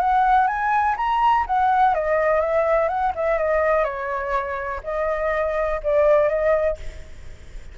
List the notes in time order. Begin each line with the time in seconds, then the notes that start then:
0.00 F#5
0.47 G#5
0.97 A#5
1.47 F#5
1.94 D#5
2.41 E5
2.88 F#5
3.15 E5
3.38 D#5
3.84 C#5
4.84 D#5
5.83 D5
6.29 D#5